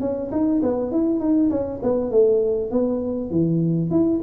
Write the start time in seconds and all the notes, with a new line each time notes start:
0.00 C#4
0.31 D#4
0.62 B3
0.91 E4
1.19 D#4
1.50 C#4
1.82 B3
2.11 A3
2.71 B3
3.30 E3
3.90 E4